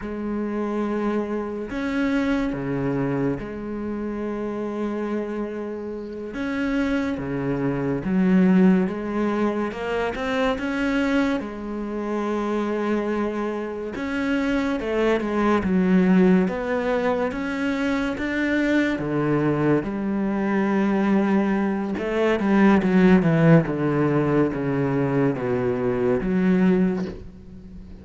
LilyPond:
\new Staff \with { instrumentName = "cello" } { \time 4/4 \tempo 4 = 71 gis2 cis'4 cis4 | gis2.~ gis8 cis'8~ | cis'8 cis4 fis4 gis4 ais8 | c'8 cis'4 gis2~ gis8~ |
gis8 cis'4 a8 gis8 fis4 b8~ | b8 cis'4 d'4 d4 g8~ | g2 a8 g8 fis8 e8 | d4 cis4 b,4 fis4 | }